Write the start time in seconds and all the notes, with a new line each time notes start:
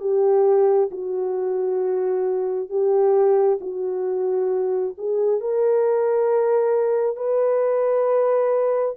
0.00 G4
0.91 F#4
2.69 G4
3.61 F#4
4.97 G#4
5.41 A#4
7.16 B4